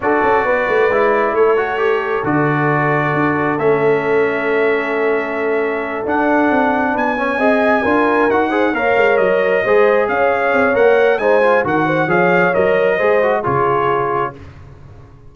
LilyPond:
<<
  \new Staff \with { instrumentName = "trumpet" } { \time 4/4 \tempo 4 = 134 d''2. cis''4~ | cis''4 d''2. | e''1~ | e''4. fis''2 gis''8~ |
gis''2~ gis''8 fis''4 f''8~ | f''8 dis''2 f''4. | fis''4 gis''4 fis''4 f''4 | dis''2 cis''2 | }
  \new Staff \with { instrumentName = "horn" } { \time 4/4 a'4 b'2 a'4~ | a'1~ | a'1~ | a'2.~ a'8 b'8 |
cis''8 dis''4 ais'4. c''8 cis''8~ | cis''4. c''4 cis''4.~ | cis''4 c''4 ais'8 c''8 cis''4~ | cis''4 c''4 gis'2 | }
  \new Staff \with { instrumentName = "trombone" } { \time 4/4 fis'2 e'4. fis'8 | g'4 fis'2. | cis'1~ | cis'4. d'2~ d'8 |
cis'8 gis'4 f'4 fis'8 gis'8 ais'8~ | ais'4. gis'2~ gis'8 | ais'4 dis'8 f'8 fis'4 gis'4 | ais'4 gis'8 fis'8 f'2 | }
  \new Staff \with { instrumentName = "tuba" } { \time 4/4 d'8 cis'8 b8 a8 gis4 a4~ | a4 d2 d'4 | a1~ | a4. d'4 c'4 b8~ |
b8 c'4 d'4 dis'4 ais8 | gis8 fis4 gis4 cis'4 c'8 | ais4 gis4 dis4 f4 | fis4 gis4 cis2 | }
>>